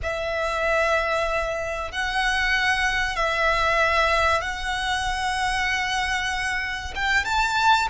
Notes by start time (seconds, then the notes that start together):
0.02 E5
1.91 F#5
3.16 E5
4.41 F#5
6.95 G5
7.25 A5